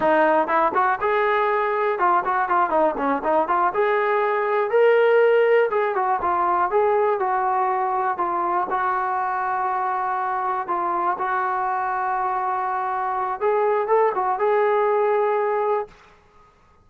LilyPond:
\new Staff \with { instrumentName = "trombone" } { \time 4/4 \tempo 4 = 121 dis'4 e'8 fis'8 gis'2 | f'8 fis'8 f'8 dis'8 cis'8 dis'8 f'8 gis'8~ | gis'4. ais'2 gis'8 | fis'8 f'4 gis'4 fis'4.~ |
fis'8 f'4 fis'2~ fis'8~ | fis'4. f'4 fis'4.~ | fis'2. gis'4 | a'8 fis'8 gis'2. | }